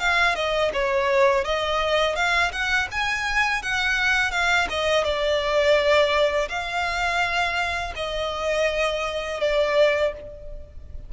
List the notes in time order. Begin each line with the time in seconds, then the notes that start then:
0.00 F5
0.35 D#5
0.74 C#5
1.45 D#5
2.16 F5
2.52 F#5
2.91 G#5
3.63 F#5
4.32 F5
4.70 D#5
5.04 D5
6.49 F5
7.96 D#5
9.41 D5